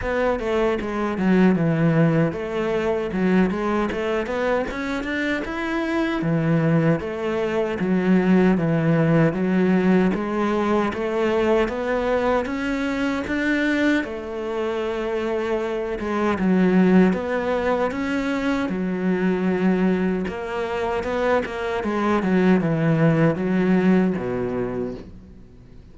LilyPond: \new Staff \with { instrumentName = "cello" } { \time 4/4 \tempo 4 = 77 b8 a8 gis8 fis8 e4 a4 | fis8 gis8 a8 b8 cis'8 d'8 e'4 | e4 a4 fis4 e4 | fis4 gis4 a4 b4 |
cis'4 d'4 a2~ | a8 gis8 fis4 b4 cis'4 | fis2 ais4 b8 ais8 | gis8 fis8 e4 fis4 b,4 | }